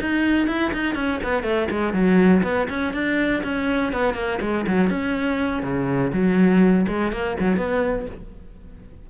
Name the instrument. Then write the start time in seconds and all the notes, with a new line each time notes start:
cello
0.00 D#4
0.47 E4
0.73 D#4
0.95 C#4
1.23 B3
1.43 A3
1.70 G#3
1.93 F#3
2.43 B3
2.69 C#4
2.93 D4
3.43 C#4
3.92 B3
4.14 A#3
4.41 G#3
4.67 F#3
4.89 C#4
5.62 C#3
6.12 F#3
6.87 G#3
7.12 A#3
7.39 F#3
7.57 B3